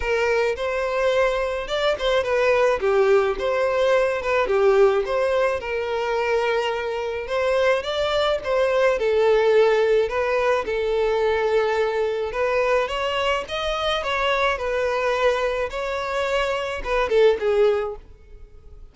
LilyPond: \new Staff \with { instrumentName = "violin" } { \time 4/4 \tempo 4 = 107 ais'4 c''2 d''8 c''8 | b'4 g'4 c''4. b'8 | g'4 c''4 ais'2~ | ais'4 c''4 d''4 c''4 |
a'2 b'4 a'4~ | a'2 b'4 cis''4 | dis''4 cis''4 b'2 | cis''2 b'8 a'8 gis'4 | }